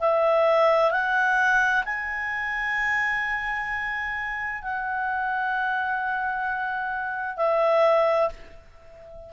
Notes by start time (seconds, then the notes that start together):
0.00 E5
0.91 F#5
1.85 G#5
4.62 F#5
7.37 E5